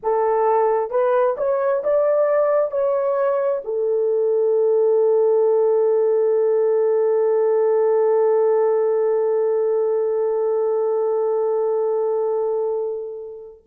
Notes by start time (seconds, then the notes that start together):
0.02 A4
0.90 B4
1.37 C#5
1.83 D5
2.71 C#5
3.64 A4